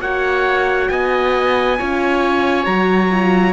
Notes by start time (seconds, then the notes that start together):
0.00 A#3 F#4 C#5 F#5
0.89 B3 D#5 G#5
1.78 C#4 F4 C#5
2.63 F#3 F#4 A#5
3.10 F4